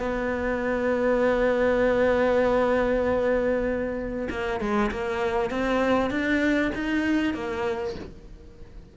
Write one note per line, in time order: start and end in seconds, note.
0.00 4.29 B3
4.30 4.61 A#3
4.61 4.91 G#3
4.91 5.51 A#3
5.51 6.11 C4
6.11 6.72 D4
6.75 7.34 D#4
7.34 7.96 A#3